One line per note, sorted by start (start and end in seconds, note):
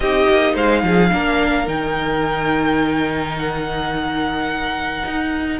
0.00 0.27 C4
0.00 1.11 D#4
0.00 0.53 G4
0.00 0.54 D#5
0.28 0.55 A#3
0.53 0.83 G#3
0.53 0.81 C5
0.53 1.68 F5
0.83 1.11 F3
0.83 1.13 G#4
1.11 1.67 A#3
1.11 1.66 D4
1.11 5.59 A#4
1.66 5.03 D#3
1.66 5.59 D#4
1.66 3.36 G5
3.38 5.59 F#5
5.05 5.59 D#4